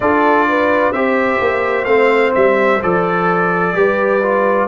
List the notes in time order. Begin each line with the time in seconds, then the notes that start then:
0.00 D4 F4 A4 D5
0.48 B4
0.92 C4 G4 C5 E5
1.40 A#3
1.84 A3 C4 F5
2.34 G3 E5
2.82 F3 A4 D5
3.73 G3 G4 B4
4.22 F4